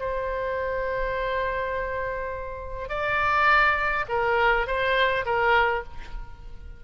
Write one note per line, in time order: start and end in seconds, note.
0.00 2.89 C5
2.89 4.06 D5
4.09 4.67 A#4
4.67 5.26 C5
5.26 5.84 A#4